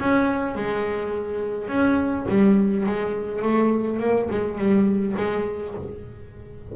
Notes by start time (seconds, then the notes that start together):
0.00 C#4
0.56 G#3
1.69 C#4
2.29 G3
2.87 G#3
3.42 A3
4.00 A#3
4.30 G#3
4.59 G3
5.17 G#3